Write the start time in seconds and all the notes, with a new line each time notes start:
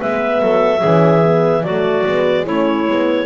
0.00 G#3 B3 B4 E5
0.41 F#3 A4
0.79 E3 C#4 G#4
1.23 B3
1.63 F#3 A3 F#4 D5
2.06 G#3 B3
2.44 A3 C#4 E4 C#5
2.87 G#3 B3